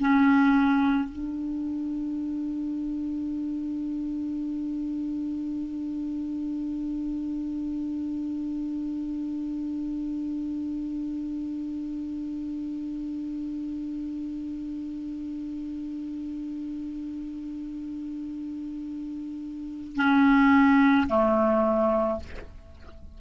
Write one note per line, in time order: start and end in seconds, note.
0.00 1.10 C#4
1.10 19.96 D4
19.96 21.08 C#4
21.09 22.20 A3